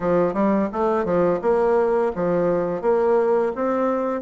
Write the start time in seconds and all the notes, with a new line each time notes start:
0.00 F3
0.33 G3
0.72 A3
1.04 F3
1.41 A#3
2.15 F3
2.81 A#3
3.55 C4